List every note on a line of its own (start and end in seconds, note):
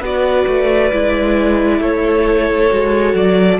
0.00 0.45 B3
0.00 0.93 F#4
0.00 1.79 B4
0.00 1.82 D5
0.47 0.92 A3
0.92 1.80 G#3
0.92 2.71 E4
1.80 2.70 A3
1.80 3.60 A4
1.80 3.15 C#5
2.71 3.14 G#3
2.71 3.60 F#4
3.14 3.59 F#3
3.14 3.60 D5